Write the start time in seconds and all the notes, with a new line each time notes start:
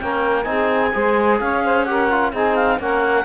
0.00 A#3 C#4 A#4 G5
0.44 C4 D#4 G#5
0.50 G#4
0.94 G#3 G#4 C5
1.40 C#4 C#5 F5
1.64 C5
1.84 G4 A#4 F#5
2.10 F4
2.33 C4 D#4 G#4 G#5
2.56 F5
2.79 A#3 C#4 A#4 F#5